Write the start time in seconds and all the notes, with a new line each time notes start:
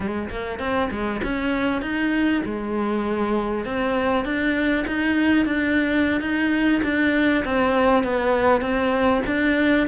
0.00 G#3
0.29 A#3
0.59 C4
0.90 G#3
1.23 C#4
1.81 D#4
2.45 G#3
3.65 C4
4.24 D4
4.87 D#4
5.45 D4
6.20 D#4
6.83 D4
7.44 C4
8.03 B3
8.61 C4
9.26 D4